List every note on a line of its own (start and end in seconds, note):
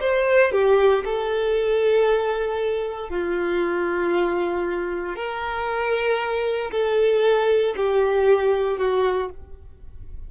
0.00 0.52 C5
0.52 1.03 G4
1.05 3.09 A4
3.09 5.15 F4
5.15 6.71 A#4
6.71 7.74 A4
7.76 8.78 G4
8.78 9.30 F#4